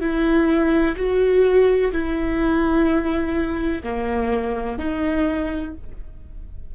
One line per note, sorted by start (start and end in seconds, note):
0.00 0.95 E4
0.96 1.91 F#4
1.92 3.82 E4
3.83 4.78 A#3
4.78 5.73 D#4